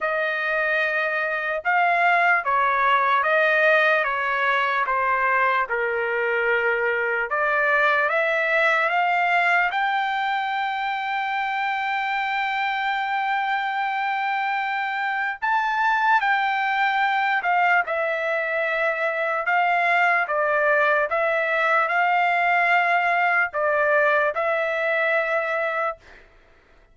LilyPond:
\new Staff \with { instrumentName = "trumpet" } { \time 4/4 \tempo 4 = 74 dis''2 f''4 cis''4 | dis''4 cis''4 c''4 ais'4~ | ais'4 d''4 e''4 f''4 | g''1~ |
g''2. a''4 | g''4. f''8 e''2 | f''4 d''4 e''4 f''4~ | f''4 d''4 e''2 | }